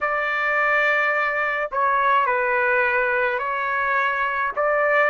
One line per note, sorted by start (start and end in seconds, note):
0.00 1.70 D5
1.71 2.26 C#5
2.26 3.38 B4
3.38 4.51 C#5
4.56 5.10 D5